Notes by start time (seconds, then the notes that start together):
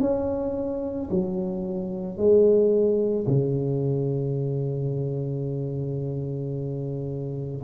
0.00 C#4
1.11 F#3
2.17 G#3
3.26 C#3